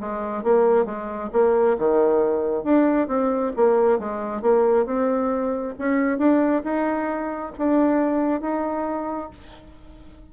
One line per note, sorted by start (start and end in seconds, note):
0.00 0.43 G#3
0.43 0.85 A#3
0.85 1.30 G#3
1.32 1.77 A#3
1.78 2.64 D#3
2.64 3.08 D4
3.08 3.52 C4
3.56 3.99 A#3
3.99 4.42 G#3
4.42 4.86 A#3
4.86 5.75 C4
5.78 6.18 C#4
6.18 6.62 D4
6.64 7.53 D#4
7.58 8.41 D4
8.41 9.30 D#4